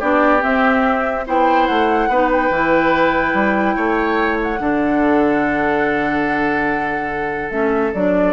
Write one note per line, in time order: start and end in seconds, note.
0.00 0.44 B3
0.00 0.40 D4
0.00 1.25 G4
0.00 0.43 D5
0.40 1.23 C4
0.40 1.28 C4
0.40 1.27 E5
1.27 1.69 B3
1.27 2.11 E4
1.27 2.10 C5
1.27 1.67 G5
1.67 2.09 A3
1.67 2.29 F#5
2.09 2.50 B3
2.09 2.53 D#4
2.09 3.76 B4
2.32 4.40 G5
2.51 3.34 E3
2.51 4.59 E4
3.34 3.76 G3
3.76 4.60 A3
3.76 4.60 C#5
4.43 7.51 F#5
4.59 7.51 D3
4.59 7.51 D4
4.59 8.33 A4
7.51 7.93 A3
7.51 7.93 C#4
7.51 7.93 E5
7.94 8.33 F#3
7.94 8.33 D4
7.94 8.33 D5